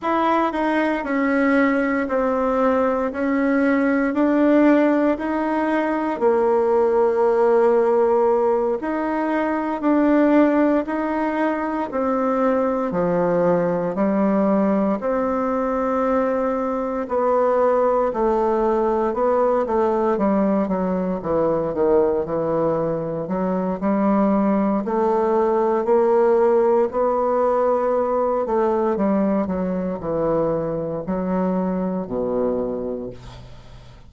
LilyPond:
\new Staff \with { instrumentName = "bassoon" } { \time 4/4 \tempo 4 = 58 e'8 dis'8 cis'4 c'4 cis'4 | d'4 dis'4 ais2~ | ais8 dis'4 d'4 dis'4 c'8~ | c'8 f4 g4 c'4.~ |
c'8 b4 a4 b8 a8 g8 | fis8 e8 dis8 e4 fis8 g4 | a4 ais4 b4. a8 | g8 fis8 e4 fis4 b,4 | }